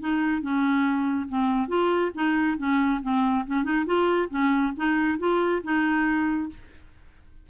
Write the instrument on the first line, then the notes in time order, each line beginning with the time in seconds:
clarinet
0.00 D#4
0.41 C#4
1.28 C4
1.68 F4
2.14 D#4
2.57 C#4
3.02 C4
3.46 C#4
3.64 D#4
3.85 F4
4.29 C#4
4.76 D#4
5.18 F4
5.63 D#4